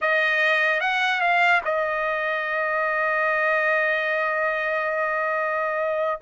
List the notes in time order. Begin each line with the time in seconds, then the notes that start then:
0.01 D#5
0.80 F#5
1.20 F5
1.64 D#5